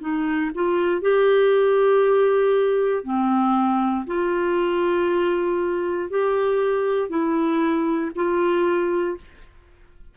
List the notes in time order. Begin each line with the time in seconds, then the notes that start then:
0.00 D#4
0.54 F4
1.01 G4
3.04 C4
4.06 F4
6.09 G4
7.09 E4
8.15 F4